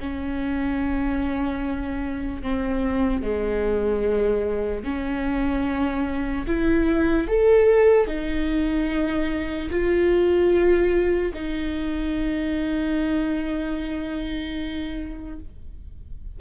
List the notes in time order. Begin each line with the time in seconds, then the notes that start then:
0.00 C#4
2.42 C4
3.22 G#3
4.84 C#4
6.46 E4
7.28 A4
8.07 D#4
9.70 F4
11.33 D#4